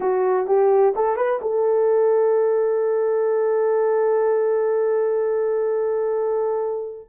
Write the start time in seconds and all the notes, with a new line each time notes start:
0.00 F#4
0.46 G4
0.95 A4
1.16 B4
1.41 A4